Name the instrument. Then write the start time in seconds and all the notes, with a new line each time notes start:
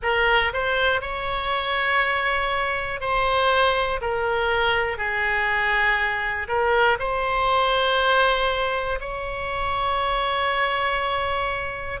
oboe
0.02 A#4
0.53 C5
1.01 C#5
3.00 C5
4.00 A#4
4.97 G#4
6.47 A#4
6.99 C5
9.00 C#5